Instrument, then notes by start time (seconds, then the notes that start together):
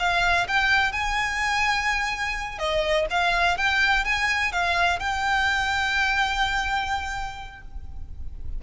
violin
0.00 F5
0.48 G5
0.93 G#5
2.59 D#5
3.11 F5
3.58 G5
4.05 G#5
4.53 F5
5.00 G5